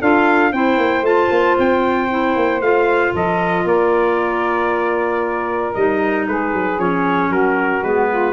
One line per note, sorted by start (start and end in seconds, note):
0.00 0.52 D4
0.00 0.54 F4
0.00 0.52 A4
0.00 0.53 F5
0.52 0.78 C4
0.52 1.04 E4
0.52 3.13 C5
0.52 1.05 G5
0.78 1.02 A#3
1.02 1.28 A3
1.02 2.09 F4
1.02 1.58 A5
1.31 1.57 A#3
1.59 2.36 C4
1.59 2.62 G5
2.10 2.62 E4
2.36 2.61 A#3
2.61 3.13 A3
2.61 5.76 F4
2.61 3.14 F5
3.13 3.65 F3
3.13 3.65 A4
3.13 3.68 D#5
3.65 5.74 A#3
3.65 6.27 A#4
3.65 5.75 D5
5.75 6.28 G3
5.75 6.79 D#4
5.75 6.27 D#5
6.28 6.54 G#3
6.28 7.30 G#4
6.28 6.80 B4
6.54 6.78 F#3
6.78 7.30 F3
6.78 7.83 C#4
6.78 7.32 C#5
7.30 7.82 F#3
7.30 8.09 F#4
7.30 7.84 A#4
7.83 8.33 G#3
7.83 8.33 B3
7.83 8.33 B4
8.09 8.33 F4